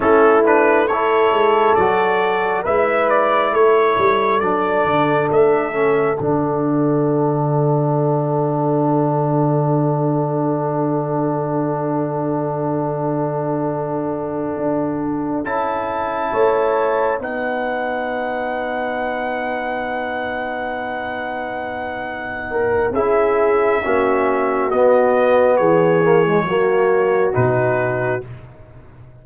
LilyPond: <<
  \new Staff \with { instrumentName = "trumpet" } { \time 4/4 \tempo 4 = 68 a'8 b'8 cis''4 d''4 e''8 d''8 | cis''4 d''4 e''4 fis''4~ | fis''1~ | fis''1~ |
fis''4. a''2 fis''8~ | fis''1~ | fis''2 e''2 | dis''4 cis''2 b'4 | }
  \new Staff \with { instrumentName = "horn" } { \time 4/4 e'4 a'2 b'4 | a'1~ | a'1~ | a'1~ |
a'2~ a'8 cis''4 b'8~ | b'1~ | b'4. ais'8 gis'4 fis'4~ | fis'4 gis'4 fis'2 | }
  \new Staff \with { instrumentName = "trombone" } { \time 4/4 cis'8 d'8 e'4 fis'4 e'4~ | e'4 d'4. cis'8 d'4~ | d'1~ | d'1~ |
d'4. e'2 dis'8~ | dis'1~ | dis'2 e'4 cis'4 | b4. ais16 gis16 ais4 dis'4 | }
  \new Staff \with { instrumentName = "tuba" } { \time 4/4 a4. gis8 fis4 gis4 | a8 g8 fis8 d8 a4 d4~ | d1~ | d1~ |
d8 d'4 cis'4 a4 b8~ | b1~ | b2 cis'4 ais4 | b4 e4 fis4 b,4 | }
>>